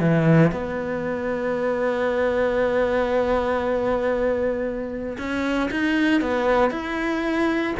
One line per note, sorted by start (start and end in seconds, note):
0.00 0.52 E3
0.52 5.17 B3
5.18 5.69 C#4
5.71 6.21 D#4
6.21 6.71 B3
6.71 7.74 E4